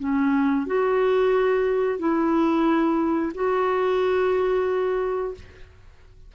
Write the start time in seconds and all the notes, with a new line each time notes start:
0.00 C#4
0.67 F#4
1.99 E4
3.35 F#4